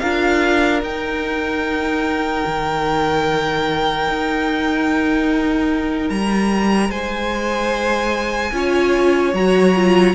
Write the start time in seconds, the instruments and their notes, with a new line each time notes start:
0.00 cello D4, viola F4, violin A#4 F5
0.82 viola D#4, cello D#4, violin G5
2.46 cello D#3
4.08 cello D#4
6.10 cello G3, violin A#5
6.90 cello G#3, violin C5 G#5
8.53 cello C#4, viola F4, violin C#5
9.34 cello F#3, viola F#4, violin A#5
9.75 viola F4